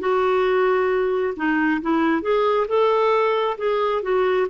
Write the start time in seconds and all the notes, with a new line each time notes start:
0.00 F#4
1.37 D#4
1.82 E4
2.22 G#4
2.68 A4
3.58 G#4
4.03 F#4